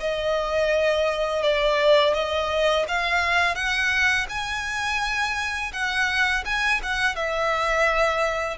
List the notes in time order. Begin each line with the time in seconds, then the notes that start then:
0.00 D#5
1.43 D5
2.14 D#5
2.88 F5
3.56 F#5
4.29 G#5
5.73 F#5
6.45 G#5
6.83 F#5
7.16 E5